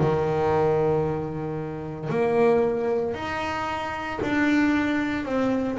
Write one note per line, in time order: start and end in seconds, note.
0.00 2.10 D#3
2.10 3.14 A#3
3.14 4.20 D#4
4.22 5.25 D4
5.25 5.78 C4